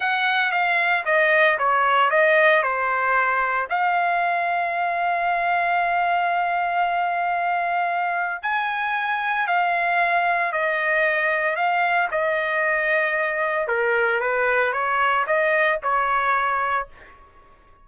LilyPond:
\new Staff \with { instrumentName = "trumpet" } { \time 4/4 \tempo 4 = 114 fis''4 f''4 dis''4 cis''4 | dis''4 c''2 f''4~ | f''1~ | f''1 |
gis''2 f''2 | dis''2 f''4 dis''4~ | dis''2 ais'4 b'4 | cis''4 dis''4 cis''2 | }